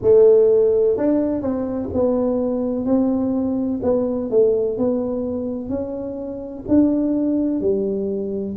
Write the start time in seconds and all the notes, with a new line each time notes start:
0.02 A3
0.97 D4
1.41 C4
1.93 B3
2.85 C4
3.83 B3
4.30 A3
4.78 B3
5.69 C#4
6.68 D4
7.61 G3